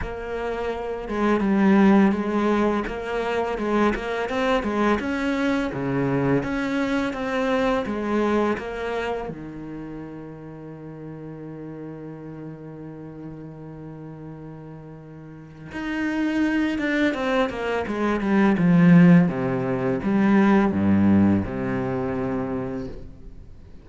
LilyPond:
\new Staff \with { instrumentName = "cello" } { \time 4/4 \tempo 4 = 84 ais4. gis8 g4 gis4 | ais4 gis8 ais8 c'8 gis8 cis'4 | cis4 cis'4 c'4 gis4 | ais4 dis2.~ |
dis1~ | dis2 dis'4. d'8 | c'8 ais8 gis8 g8 f4 c4 | g4 g,4 c2 | }